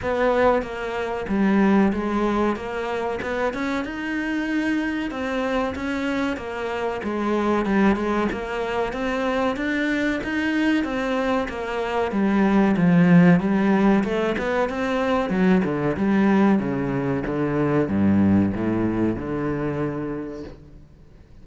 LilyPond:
\new Staff \with { instrumentName = "cello" } { \time 4/4 \tempo 4 = 94 b4 ais4 g4 gis4 | ais4 b8 cis'8 dis'2 | c'4 cis'4 ais4 gis4 | g8 gis8 ais4 c'4 d'4 |
dis'4 c'4 ais4 g4 | f4 g4 a8 b8 c'4 | fis8 d8 g4 cis4 d4 | g,4 a,4 d2 | }